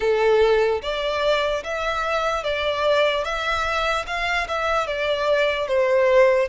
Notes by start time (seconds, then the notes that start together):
0.00 A4
0.81 D5
1.63 E5
2.43 D5
3.24 E5
4.07 F5
4.48 E5
4.86 D5
5.67 C5